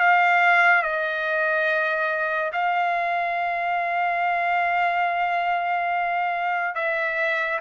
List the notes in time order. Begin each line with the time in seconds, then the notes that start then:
0.00 F5
0.83 D#5
2.53 F5
6.75 E5